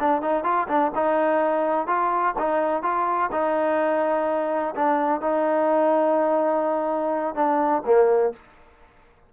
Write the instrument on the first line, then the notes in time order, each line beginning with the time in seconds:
trombone
0.00 D4
0.22 D#4
0.44 F4
0.68 D4
0.95 D#4
1.87 F4
2.38 D#4
2.83 F4
3.32 D#4
4.75 D4
5.21 D#4
7.35 D4
7.85 A#3